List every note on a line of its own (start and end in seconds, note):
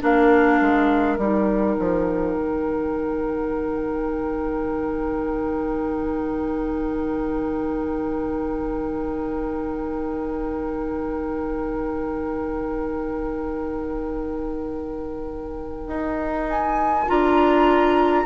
0.00 0.61 A#3
0.00 1.18 D4
0.00 18.25 A#4
0.00 1.17 F5
0.61 1.18 G#3
1.17 1.77 G3
1.17 17.07 D#4
1.17 16.47 G5
1.79 2.37 F3
2.37 15.87 D#3
15.87 17.05 D#4
16.50 17.09 G#5
17.08 18.25 D4
17.08 18.25 F4
17.08 18.25 A#5